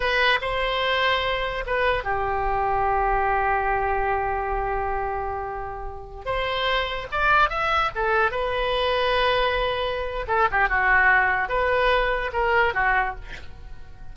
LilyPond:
\new Staff \with { instrumentName = "oboe" } { \time 4/4 \tempo 4 = 146 b'4 c''2. | b'4 g'2.~ | g'1~ | g'2.~ g'16 c''8.~ |
c''4~ c''16 d''4 e''4 a'8.~ | a'16 b'2.~ b'8.~ | b'4 a'8 g'8 fis'2 | b'2 ais'4 fis'4 | }